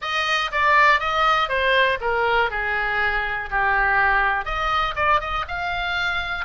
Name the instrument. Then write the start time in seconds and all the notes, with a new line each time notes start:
oboe
0.01 D#5
0.51 D5
1.00 D#5
1.48 C5
2.00 A#4
2.50 G#4
3.50 G4
4.45 D#5
4.95 D5
5.20 D#5
5.48 F5